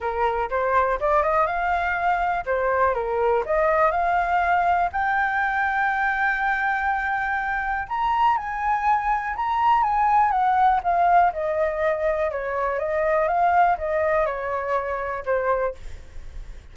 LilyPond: \new Staff \with { instrumentName = "flute" } { \time 4/4 \tempo 4 = 122 ais'4 c''4 d''8 dis''8 f''4~ | f''4 c''4 ais'4 dis''4 | f''2 g''2~ | g''1 |
ais''4 gis''2 ais''4 | gis''4 fis''4 f''4 dis''4~ | dis''4 cis''4 dis''4 f''4 | dis''4 cis''2 c''4 | }